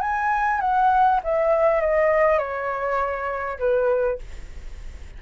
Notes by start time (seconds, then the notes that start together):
0.00 G#5
0.60 F#5
1.23 E5
1.80 D#5
2.38 C#5
3.58 B4